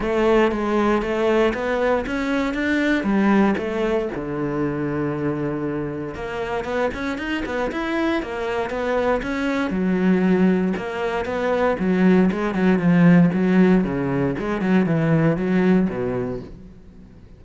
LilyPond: \new Staff \with { instrumentName = "cello" } { \time 4/4 \tempo 4 = 117 a4 gis4 a4 b4 | cis'4 d'4 g4 a4 | d1 | ais4 b8 cis'8 dis'8 b8 e'4 |
ais4 b4 cis'4 fis4~ | fis4 ais4 b4 fis4 | gis8 fis8 f4 fis4 cis4 | gis8 fis8 e4 fis4 b,4 | }